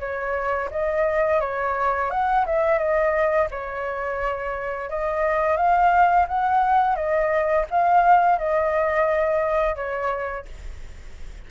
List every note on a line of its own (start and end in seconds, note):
0.00 0.70 C#5
0.71 1.41 D#5
1.41 2.11 C#5
2.11 2.46 F#5
2.46 2.79 E5
2.79 3.49 D#5
3.51 4.90 C#5
4.90 5.57 D#5
5.57 6.27 F5
6.29 6.96 F#5
6.96 7.66 D#5
7.71 8.39 F5
8.39 9.76 D#5
9.76 10.46 C#5